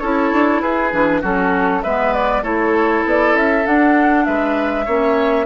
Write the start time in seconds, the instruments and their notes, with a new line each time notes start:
0.00 bassoon C#4, clarinet E4, oboe A4, flute C#5
0.33 bassoon D4
0.61 bassoon E4, oboe G#4, flute B4
0.92 bassoon E3, clarinet D4
1.22 bassoon F#3, clarinet C#4, oboe F#4, flute A4
1.83 bassoon G#3, clarinet B3, oboe B4, flute E5
2.13 flute D5
2.43 bassoon A3, clarinet E4, oboe A4, flute C#5
3.06 bassoon B3, flute D5
3.35 bassoon C#4, flute E5
3.65 clarinet D4, bassoon D4, flute F#5
4.25 bassoon G#3, oboe B4, flute E5
4.86 bassoon A#3, clarinet C#4, oboe C#5